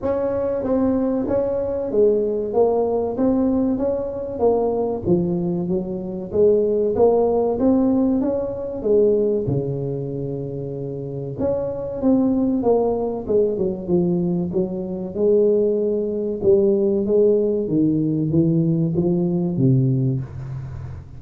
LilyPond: \new Staff \with { instrumentName = "tuba" } { \time 4/4 \tempo 4 = 95 cis'4 c'4 cis'4 gis4 | ais4 c'4 cis'4 ais4 | f4 fis4 gis4 ais4 | c'4 cis'4 gis4 cis4~ |
cis2 cis'4 c'4 | ais4 gis8 fis8 f4 fis4 | gis2 g4 gis4 | dis4 e4 f4 c4 | }